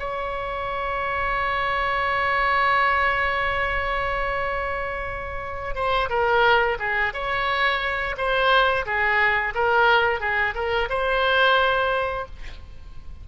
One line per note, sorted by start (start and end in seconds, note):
0.00 5.76 C#5
5.76 6.10 C5
6.10 6.78 A#4
6.79 7.13 G#4
7.14 8.16 C#5
8.18 8.86 C5
8.86 9.55 G#4
9.55 10.21 A#4
10.21 10.55 G#4
10.55 10.89 A#4
10.90 12.26 C5